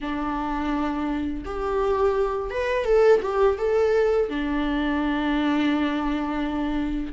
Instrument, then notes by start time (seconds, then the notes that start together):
viola
0.00 D4
1.45 G4
2.50 B4
2.84 A4
3.21 G4
3.57 A4
4.29 D4